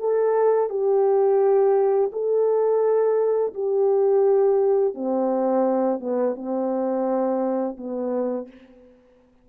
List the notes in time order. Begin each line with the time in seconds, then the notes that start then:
0.00 A4
0.70 G4
2.13 A4
3.54 G4
4.95 C4
6.01 B3
6.36 C4
7.78 B3